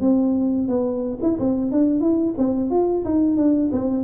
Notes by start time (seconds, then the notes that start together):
0.00 C4
0.67 B3
1.21 E4
1.39 C4
1.71 D4
2.00 E4
2.37 C4
2.70 F4
3.04 D#4
3.36 D4
3.72 C4